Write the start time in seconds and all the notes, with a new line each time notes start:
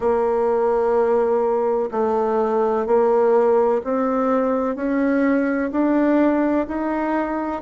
0.00 A#3
1.91 A3
2.86 A#3
3.84 C4
4.75 C#4
5.71 D4
6.67 D#4